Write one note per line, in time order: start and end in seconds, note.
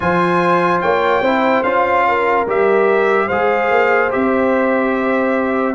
0.00 0.83 F3
0.00 1.23 F4
0.00 0.82 C5
0.00 0.80 G#5
0.81 1.21 A#3
0.81 1.22 C#5
0.81 1.63 G5
1.21 1.62 C4
1.21 1.64 E4
1.21 2.04 C5
1.63 2.45 C#4
1.63 2.47 F4
1.63 2.45 F5
2.08 3.27 A#4
2.46 3.28 G3
2.46 3.30 G4
2.46 3.28 E5
3.27 3.70 G#3
3.27 4.10 G#4
3.27 5.73 C5
3.27 4.10 F5
3.70 4.11 A#3
4.10 5.74 C4
4.10 5.74 G4
4.10 5.74 E5